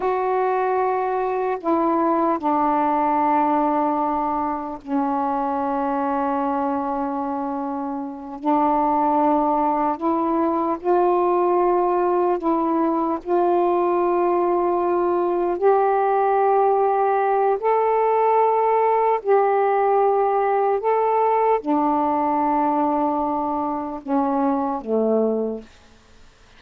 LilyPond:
\new Staff \with { instrumentName = "saxophone" } { \time 4/4 \tempo 4 = 75 fis'2 e'4 d'4~ | d'2 cis'2~ | cis'2~ cis'8 d'4.~ | d'8 e'4 f'2 e'8~ |
e'8 f'2. g'8~ | g'2 a'2 | g'2 a'4 d'4~ | d'2 cis'4 a4 | }